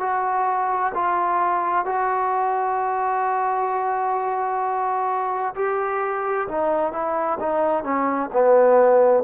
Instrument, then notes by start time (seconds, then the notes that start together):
trombone
0.00 F#4
0.94 F4
1.85 F#4
5.56 G4
6.48 D#4
6.92 E4
7.40 D#4
7.84 C#4
8.33 B3